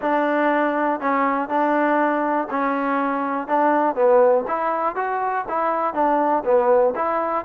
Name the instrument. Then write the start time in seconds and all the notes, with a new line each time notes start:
trombone
0.01 D4
1.00 C#4
1.48 D4
2.50 C#4
3.47 D4
3.95 B3
4.47 E4
4.95 F#4
5.48 E4
5.93 D4
6.44 B3
6.95 E4